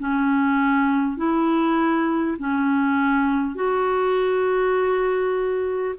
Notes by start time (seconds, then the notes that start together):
0.00 C#4
1.17 E4
2.39 C#4
3.55 F#4